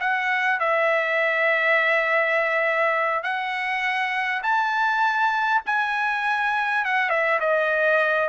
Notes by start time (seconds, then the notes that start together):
0.00 F#5
0.59 E5
3.23 F#5
4.43 A5
5.66 G#5
6.85 F#5
7.10 E5
7.40 D#5